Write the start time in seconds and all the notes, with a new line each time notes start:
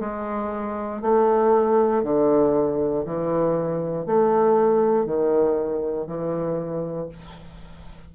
0.00 G#3
1.02 A3
2.03 D3
3.06 E3
4.06 A3
5.06 D#3
6.07 E3